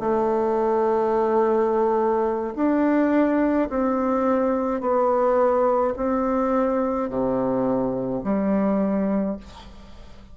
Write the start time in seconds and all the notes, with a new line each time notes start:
0.00 A3
2.56 D4
3.70 C4
4.81 B3
5.97 C4
7.10 C3
8.24 G3